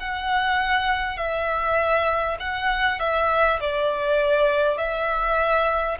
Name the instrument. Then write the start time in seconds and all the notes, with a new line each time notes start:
violin
0.00 F#5
1.18 E5
2.40 F#5
3.00 E5
3.61 D5
4.78 E5